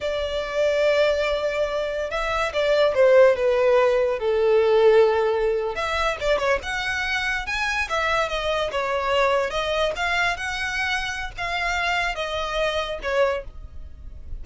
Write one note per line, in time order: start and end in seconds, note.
0.01 2.10 D5
2.10 2.52 E5
2.53 2.94 D5
2.94 3.35 C5
3.35 4.19 B4
4.19 5.75 A4
5.75 6.17 E5
6.20 6.38 D5
6.38 6.59 C#5
6.63 7.46 F#5
7.46 7.88 G#5
7.89 8.29 E5
8.29 8.71 D#5
8.71 9.50 C#5
9.50 9.92 D#5
9.96 10.36 F5
10.36 11.31 F#5
11.37 12.15 F5
12.15 12.99 D#5
13.02 13.44 C#5